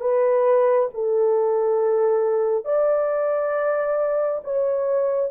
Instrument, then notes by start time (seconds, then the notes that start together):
horn
0.00 B4
0.93 A4
2.64 D5
4.44 C#5